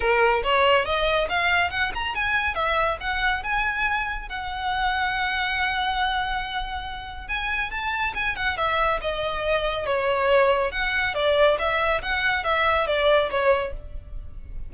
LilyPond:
\new Staff \with { instrumentName = "violin" } { \time 4/4 \tempo 4 = 140 ais'4 cis''4 dis''4 f''4 | fis''8 ais''8 gis''4 e''4 fis''4 | gis''2 fis''2~ | fis''1~ |
fis''4 gis''4 a''4 gis''8 fis''8 | e''4 dis''2 cis''4~ | cis''4 fis''4 d''4 e''4 | fis''4 e''4 d''4 cis''4 | }